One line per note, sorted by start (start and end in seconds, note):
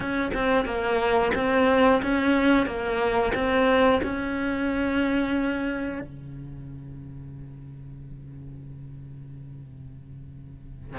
0.00 0.31 C#4
0.33 0.65 C4
0.65 1.32 A#3
1.35 2.01 C4
2.02 2.66 C#4
2.66 3.32 A#3
3.34 4.01 C4
4.03 6.00 C#4
6.00 10.98 C#3